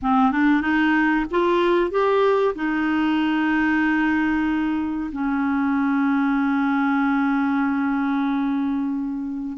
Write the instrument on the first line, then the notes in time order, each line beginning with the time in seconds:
clarinet
0.02 C4
0.31 D4
0.61 D#4
1.31 F4
1.91 G4
2.55 D#4
5.12 C#4